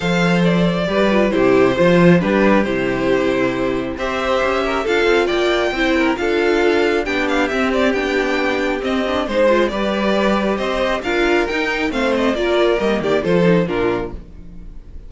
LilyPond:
<<
  \new Staff \with { instrumentName = "violin" } { \time 4/4 \tempo 4 = 136 f''4 d''2 c''4~ | c''4 b'4 c''2~ | c''4 e''2 f''4 | g''2 f''2 |
g''8 f''8 e''8 d''8 g''2 | dis''4 c''4 d''2 | dis''4 f''4 g''4 f''8 dis''8 | d''4 dis''8 d''8 c''4 ais'4 | }
  \new Staff \with { instrumentName = "violin" } { \time 4/4 c''2 b'4 g'4 | c''4 g'2.~ | g'4 c''4. ais'8 a'4 | d''4 c''8 ais'8 a'2 |
g'1~ | g'4 c''4 b'2 | c''4 ais'2 c''4 | ais'4. g'8 a'4 f'4 | }
  \new Staff \with { instrumentName = "viola" } { \time 4/4 a'2 g'8 f'8 e'4 | f'4 d'4 e'2~ | e'4 g'2 f'4~ | f'4 e'4 f'2 |
d'4 c'4 d'2 | c'8 d'8 dis'8 f'8 g'2~ | g'4 f'4 dis'4 c'4 | f'4 ais4 f'8 dis'8 d'4 | }
  \new Staff \with { instrumentName = "cello" } { \time 4/4 f2 g4 c4 | f4 g4 c2~ | c4 c'4 cis'4 d'8 c'8 | ais4 c'4 d'2 |
b4 c'4 b2 | c'4 gis4 g2 | c'4 d'4 dis'4 a4 | ais4 g8 dis8 f4 ais,4 | }
>>